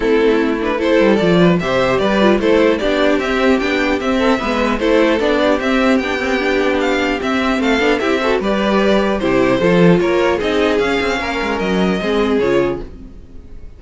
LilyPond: <<
  \new Staff \with { instrumentName = "violin" } { \time 4/4 \tempo 4 = 150 a'4. b'8 c''4 d''4 | e''4 d''4 c''4 d''4 | e''4 g''4 e''2 | c''4 d''4 e''4 g''4~ |
g''4 f''4 e''4 f''4 | e''4 d''2 c''4~ | c''4 cis''4 dis''4 f''4~ | f''4 dis''2 cis''4 | }
  \new Staff \with { instrumentName = "violin" } { \time 4/4 e'2 a'4. b'8 | c''4 b'4 a'4 g'4~ | g'2~ g'8 a'8 b'4 | a'4. g'2~ g'8~ |
g'2. a'4 | g'8 a'8 b'2 g'4 | a'4 ais'4 gis'2 | ais'2 gis'2 | }
  \new Staff \with { instrumentName = "viola" } { \time 4/4 c'4. d'8 e'4 f'4 | g'4. f'8 e'4 d'4 | c'4 d'4 c'4 b4 | e'4 d'4 c'4 d'8 c'8 |
d'2 c'4. d'8 | e'8 fis'8 g'2 e'4 | f'2 dis'4 cis'4~ | cis'2 c'4 f'4 | }
  \new Staff \with { instrumentName = "cello" } { \time 4/4 a2~ a8 g8 f4 | c4 g4 a4 b4 | c'4 b4 c'4 gis4 | a4 b4 c'4 b4~ |
b2 c'4 a8 b8 | c'4 g2 c4 | f4 ais4 c'4 cis'8 c'8 | ais8 gis8 fis4 gis4 cis4 | }
>>